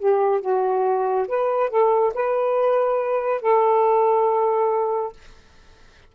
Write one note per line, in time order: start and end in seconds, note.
0.00 0.42 G4
0.42 1.27 F#4
1.28 1.70 B4
1.70 2.13 A4
2.15 3.42 B4
3.42 5.13 A4